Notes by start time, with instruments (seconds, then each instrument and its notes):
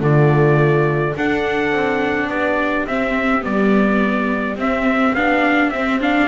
0.00 double bass D3, viola A3, horn F4, trumpet D5
1.16 double bass D4, viola D4, horn A4, trumpet F#5
1.72 double bass C4
2.28 double bass B3, horn G4, trumpet D5
2.87 double bass C4, viola C4, trumpet E5
3.42 double bass G3, viola B3, trumpet D5
4.56 double bass C4, viola C4, trumpet E5
5.15 double bass B3, viola D4, trumpet F5
5.70 double bass C4, viola C4, trumpet E5
6.01 viola D4, trumpet F5